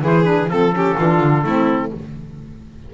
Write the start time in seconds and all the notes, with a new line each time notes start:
0.00 E3 E4 G#4 C5
0.24 D4 B4
0.47 F3 C4 A4
0.72 C#4 G4
0.97 E3 D4 F4
1.20 D3
1.44 A3 C4 E4